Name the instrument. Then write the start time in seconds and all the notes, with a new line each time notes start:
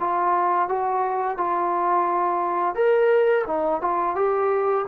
trombone
0.00 F4
0.68 F#4
1.37 F4
2.75 A#4
3.47 D#4
3.81 F4
4.15 G4